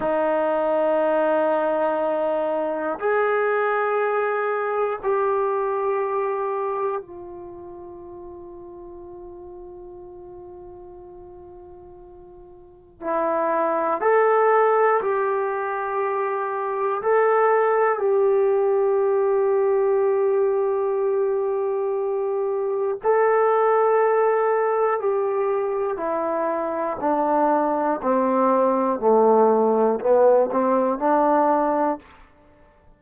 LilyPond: \new Staff \with { instrumentName = "trombone" } { \time 4/4 \tempo 4 = 60 dis'2. gis'4~ | gis'4 g'2 f'4~ | f'1~ | f'4 e'4 a'4 g'4~ |
g'4 a'4 g'2~ | g'2. a'4~ | a'4 g'4 e'4 d'4 | c'4 a4 b8 c'8 d'4 | }